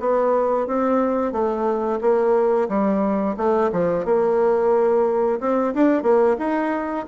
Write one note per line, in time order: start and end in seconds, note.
0.00 0.67 B3
0.67 1.33 C4
1.33 2.00 A3
2.01 2.69 A#3
2.69 3.36 G3
3.37 3.71 A3
3.73 4.05 F3
4.05 5.40 A#3
5.41 5.74 C4
5.75 6.03 D4
6.03 6.37 A#3
6.39 7.06 D#4